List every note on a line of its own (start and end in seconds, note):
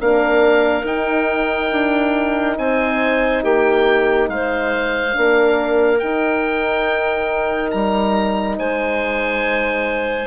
0.00 0.84 A#3
0.00 0.86 D4
0.00 2.59 A#4
0.00 0.86 F5
0.84 1.70 D#4
0.84 5.13 D#4
0.84 2.58 G5
1.72 2.57 D4
2.58 3.44 C4
2.58 3.44 C5
2.58 3.44 G#5
3.44 4.29 A#3
3.44 4.29 G4
3.44 4.30 G5
4.29 5.15 G#3
4.29 5.17 C5
4.29 5.99 F5
5.13 6.02 A#3
5.13 5.99 D4
5.13 8.59 A#4
5.99 7.74 D#4
5.99 10.27 D#4
5.99 7.71 G5
7.71 8.59 G3
7.71 8.57 A#5
8.59 10.27 G#3
8.59 10.27 C5
8.59 10.27 G#5